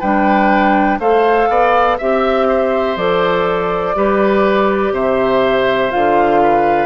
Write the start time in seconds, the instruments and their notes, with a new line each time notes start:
0.00 bassoon G3, clarinet D4, oboe B4, flute G5
0.99 bassoon A3, clarinet A4, oboe C5, flute F5
1.49 bassoon B3, oboe D5
1.98 bassoon C4, clarinet G4, oboe E5, flute E5
2.49 oboe C5
2.97 bassoon F3, clarinet A4, flute D5
3.95 bassoon G3, clarinet G4, oboe B4
4.92 bassoon C3, oboe C5, flute E5
5.91 bassoon D3, clarinet F4, flute F5
6.43 oboe B4